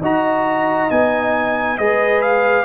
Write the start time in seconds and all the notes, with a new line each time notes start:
0.00 D#4 F#4 D#5 A#5
0.89 B3 D#4 G#5
1.77 G#3 G#4 B4 D#5
2.21 F5